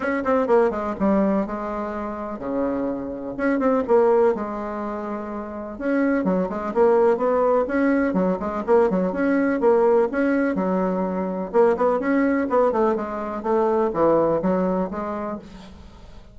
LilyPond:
\new Staff \with { instrumentName = "bassoon" } { \time 4/4 \tempo 4 = 125 cis'8 c'8 ais8 gis8 g4 gis4~ | gis4 cis2 cis'8 c'8 | ais4 gis2. | cis'4 fis8 gis8 ais4 b4 |
cis'4 fis8 gis8 ais8 fis8 cis'4 | ais4 cis'4 fis2 | ais8 b8 cis'4 b8 a8 gis4 | a4 e4 fis4 gis4 | }